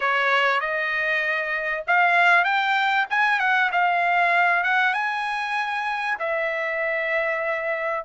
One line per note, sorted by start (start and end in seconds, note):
0.00 0.60 C#5
0.60 1.84 D#5
1.87 2.44 F5
2.44 3.06 G5
3.10 3.39 G#5
3.39 3.70 F#5
3.72 4.63 F5
4.63 4.93 F#5
4.93 6.17 G#5
6.19 8.04 E5